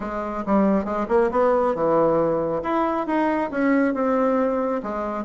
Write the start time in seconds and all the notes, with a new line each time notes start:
0.00 G#3
0.46 G3
0.84 G#3
1.08 A#3
1.31 B3
1.74 E3
2.63 E4
3.06 D#4
3.50 C#4
3.94 C4
4.82 G#3